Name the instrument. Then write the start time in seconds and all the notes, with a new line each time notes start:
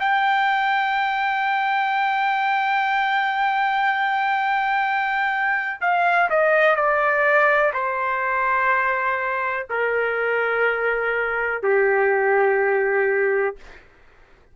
trumpet
0.00 G5
5.81 F5
6.30 D#5
6.76 D5
7.74 C5
9.70 A#4
11.63 G4